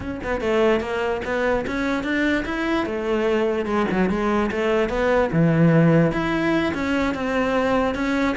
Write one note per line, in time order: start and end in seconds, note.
0.00 0.20 C#4
0.23 0.40 B3
0.40 0.80 A3
0.80 1.21 A#3
1.24 1.65 B3
1.66 2.03 C#4
2.03 2.44 D4
2.45 2.86 E4
2.86 3.65 A3
3.65 3.86 G#3
3.91 4.09 F#3
4.09 4.50 G#3
4.51 4.89 A3
4.89 5.29 B3
5.32 6.12 E3
6.12 6.73 E4
6.74 7.14 C#4
7.14 7.95 C4
7.95 8.35 C#4